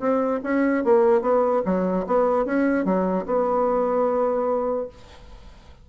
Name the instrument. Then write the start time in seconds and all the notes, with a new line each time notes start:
bassoon
0.00 C4
0.44 C#4
0.84 A#3
1.22 B3
1.65 F#3
2.07 B3
2.46 C#4
2.85 F#3
3.26 B3